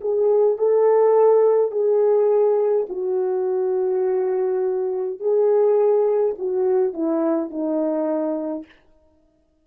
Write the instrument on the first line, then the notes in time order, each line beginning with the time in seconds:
horn
0.00 G#4
0.58 A4
1.71 G#4
2.88 F#4
5.19 G#4
6.38 F#4
6.93 E4
7.50 D#4